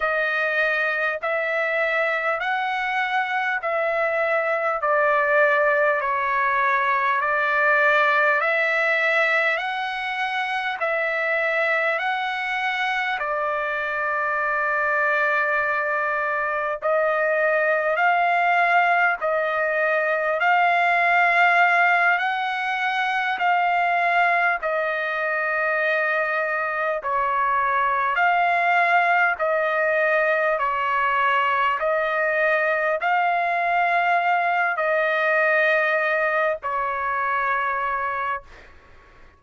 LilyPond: \new Staff \with { instrumentName = "trumpet" } { \time 4/4 \tempo 4 = 50 dis''4 e''4 fis''4 e''4 | d''4 cis''4 d''4 e''4 | fis''4 e''4 fis''4 d''4~ | d''2 dis''4 f''4 |
dis''4 f''4. fis''4 f''8~ | f''8 dis''2 cis''4 f''8~ | f''8 dis''4 cis''4 dis''4 f''8~ | f''4 dis''4. cis''4. | }